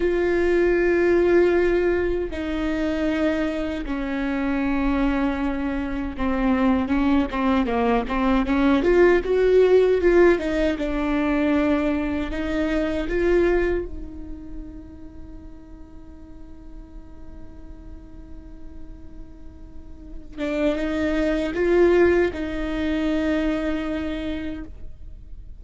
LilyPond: \new Staff \with { instrumentName = "viola" } { \time 4/4 \tempo 4 = 78 f'2. dis'4~ | dis'4 cis'2. | c'4 cis'8 c'8 ais8 c'8 cis'8 f'8 | fis'4 f'8 dis'8 d'2 |
dis'4 f'4 dis'2~ | dis'1~ | dis'2~ dis'8 d'8 dis'4 | f'4 dis'2. | }